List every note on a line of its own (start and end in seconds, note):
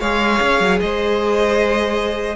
0.00 0.40 G#3
0.00 2.36 G#4
0.00 0.79 C#5
0.00 0.79 F5
0.42 0.60 C#4
0.60 0.80 F#3
0.80 2.36 G#3
0.80 2.36 C5
0.80 2.36 D#5